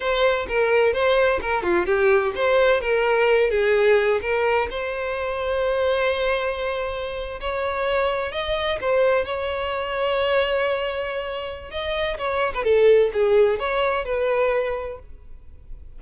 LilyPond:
\new Staff \with { instrumentName = "violin" } { \time 4/4 \tempo 4 = 128 c''4 ais'4 c''4 ais'8 f'8 | g'4 c''4 ais'4. gis'8~ | gis'4 ais'4 c''2~ | c''2.~ c''8. cis''16~ |
cis''4.~ cis''16 dis''4 c''4 cis''16~ | cis''1~ | cis''4 dis''4 cis''8. b'16 a'4 | gis'4 cis''4 b'2 | }